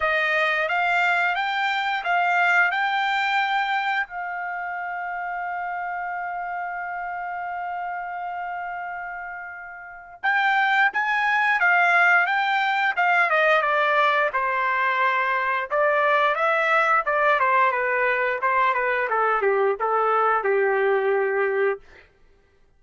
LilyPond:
\new Staff \with { instrumentName = "trumpet" } { \time 4/4 \tempo 4 = 88 dis''4 f''4 g''4 f''4 | g''2 f''2~ | f''1~ | f''2. g''4 |
gis''4 f''4 g''4 f''8 dis''8 | d''4 c''2 d''4 | e''4 d''8 c''8 b'4 c''8 b'8 | a'8 g'8 a'4 g'2 | }